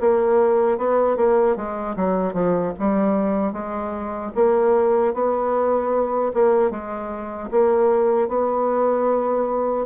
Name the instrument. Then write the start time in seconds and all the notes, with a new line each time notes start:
bassoon
0.00 A#3
0.78 B3
1.17 A#3
1.56 G#3
1.96 F#3
2.33 F3
2.79 G3
3.53 G#3
4.35 A#3
5.14 B3
6.34 A#3
6.71 G#3
7.51 A#3
8.28 B3